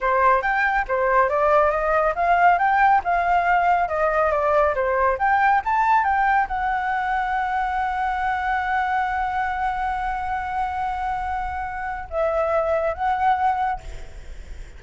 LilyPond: \new Staff \with { instrumentName = "flute" } { \time 4/4 \tempo 4 = 139 c''4 g''4 c''4 d''4 | dis''4 f''4 g''4 f''4~ | f''4 dis''4 d''4 c''4 | g''4 a''4 g''4 fis''4~ |
fis''1~ | fis''1~ | fis''1 | e''2 fis''2 | }